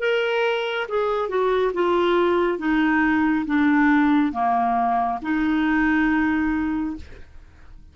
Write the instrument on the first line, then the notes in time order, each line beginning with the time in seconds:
clarinet
0.00 A#4
0.89 G#4
1.29 F#4
1.74 F4
2.58 D#4
3.46 D4
4.32 A#3
5.23 D#4